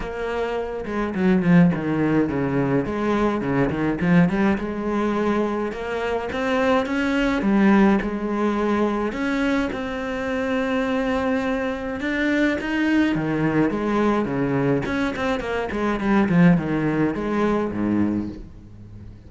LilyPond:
\new Staff \with { instrumentName = "cello" } { \time 4/4 \tempo 4 = 105 ais4. gis8 fis8 f8 dis4 | cis4 gis4 cis8 dis8 f8 g8 | gis2 ais4 c'4 | cis'4 g4 gis2 |
cis'4 c'2.~ | c'4 d'4 dis'4 dis4 | gis4 cis4 cis'8 c'8 ais8 gis8 | g8 f8 dis4 gis4 gis,4 | }